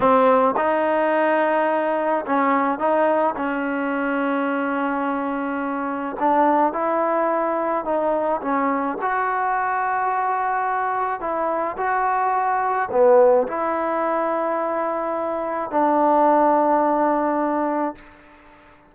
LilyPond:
\new Staff \with { instrumentName = "trombone" } { \time 4/4 \tempo 4 = 107 c'4 dis'2. | cis'4 dis'4 cis'2~ | cis'2. d'4 | e'2 dis'4 cis'4 |
fis'1 | e'4 fis'2 b4 | e'1 | d'1 | }